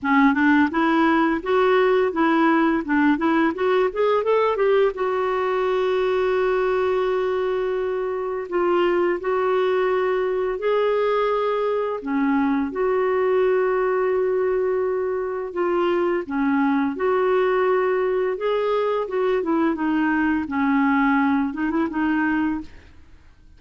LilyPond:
\new Staff \with { instrumentName = "clarinet" } { \time 4/4 \tempo 4 = 85 cis'8 d'8 e'4 fis'4 e'4 | d'8 e'8 fis'8 gis'8 a'8 g'8 fis'4~ | fis'1 | f'4 fis'2 gis'4~ |
gis'4 cis'4 fis'2~ | fis'2 f'4 cis'4 | fis'2 gis'4 fis'8 e'8 | dis'4 cis'4. dis'16 e'16 dis'4 | }